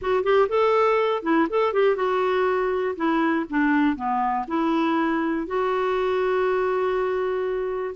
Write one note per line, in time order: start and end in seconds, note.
0.01 0.23 F#4
0.23 0.48 G4
0.48 1.22 A4
1.22 1.47 E4
1.49 1.73 A4
1.73 1.96 G4
1.96 2.95 F#4
2.95 3.45 E4
3.49 3.96 D4
3.96 4.45 B3
4.47 5.46 E4
5.47 7.95 F#4